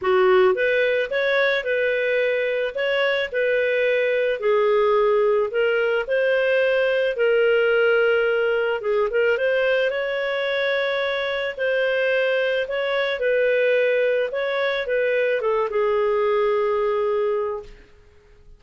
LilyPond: \new Staff \with { instrumentName = "clarinet" } { \time 4/4 \tempo 4 = 109 fis'4 b'4 cis''4 b'4~ | b'4 cis''4 b'2 | gis'2 ais'4 c''4~ | c''4 ais'2. |
gis'8 ais'8 c''4 cis''2~ | cis''4 c''2 cis''4 | b'2 cis''4 b'4 | a'8 gis'2.~ gis'8 | }